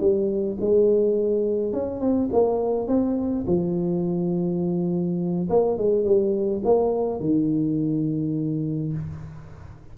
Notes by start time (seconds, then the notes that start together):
0.00 G3
0.61 G#3
1.73 C#4
2.01 C4
2.33 A#3
2.88 C4
3.47 F3
5.50 A#3
5.78 G#3
6.05 G3
6.65 A#3
7.20 D#3